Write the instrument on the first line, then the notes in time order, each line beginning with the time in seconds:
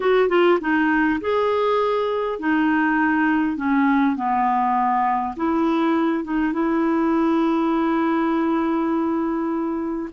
clarinet
0.00 F#4
0.29 F4
0.60 D#4
1.20 G#4
2.39 D#4
3.56 C#4
4.16 B3
5.36 E4
6.24 D#4
6.53 E4